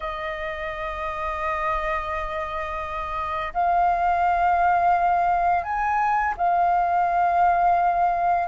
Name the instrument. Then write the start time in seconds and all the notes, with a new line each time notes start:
flute
0.00 D#5
3.53 F5
5.63 G#5
6.37 F5